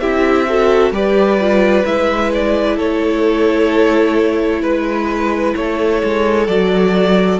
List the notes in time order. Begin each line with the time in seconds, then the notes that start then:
0.00 C4 E4 G4 E5
0.48 F#4 A4
0.92 G3 G4 B4 D5
1.41 F4
1.86 G#3 E4 E5
2.34 D5
2.76 A3 A4 C#5
4.62 G#3 B4
5.56 A3 A4 C#5
6.04 G#3
6.48 F#3 F#4 D5